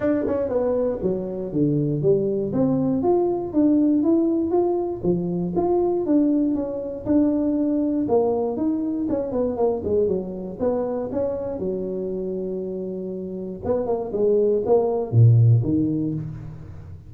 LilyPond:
\new Staff \with { instrumentName = "tuba" } { \time 4/4 \tempo 4 = 119 d'8 cis'8 b4 fis4 d4 | g4 c'4 f'4 d'4 | e'4 f'4 f4 f'4 | d'4 cis'4 d'2 |
ais4 dis'4 cis'8 b8 ais8 gis8 | fis4 b4 cis'4 fis4~ | fis2. b8 ais8 | gis4 ais4 ais,4 dis4 | }